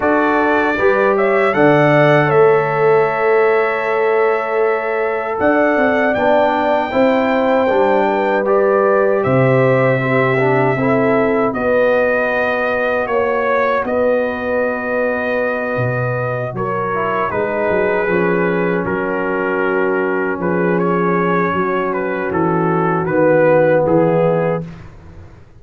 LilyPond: <<
  \new Staff \with { instrumentName = "trumpet" } { \time 4/4 \tempo 4 = 78 d''4. e''8 fis''4 e''4~ | e''2. fis''4 | g''2. d''4 | e''2. dis''4~ |
dis''4 cis''4 dis''2~ | dis''4. cis''4 b'4.~ | b'8 ais'2 b'8 cis''4~ | cis''8 b'8 a'4 b'4 gis'4 | }
  \new Staff \with { instrumentName = "horn" } { \time 4/4 a'4 b'8 cis''8 d''4 cis''4~ | cis''2. d''4~ | d''4 c''4. b'4. | c''4 g'4 a'4 b'4~ |
b'4 cis''4 b'2~ | b'4. ais'4 gis'4.~ | gis'8 fis'2 gis'4. | fis'2. e'4 | }
  \new Staff \with { instrumentName = "trombone" } { \time 4/4 fis'4 g'4 a'2~ | a'1 | d'4 e'4 d'4 g'4~ | g'4 c'8 d'8 e'4 fis'4~ |
fis'1~ | fis'2 e'8 dis'4 cis'8~ | cis'1~ | cis'2 b2 | }
  \new Staff \with { instrumentName = "tuba" } { \time 4/4 d'4 g4 d4 a4~ | a2. d'8 c'8 | b4 c'4 g2 | c2 c'4 b4~ |
b4 ais4 b2~ | b8 b,4 fis4 gis8 fis8 f8~ | f8 fis2 f4. | fis4 e4 dis4 e4 | }
>>